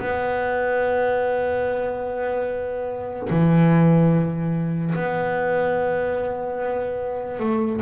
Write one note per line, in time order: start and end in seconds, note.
0.00 3.29 B3
3.30 4.94 E3
4.95 7.39 B3
7.39 7.80 A3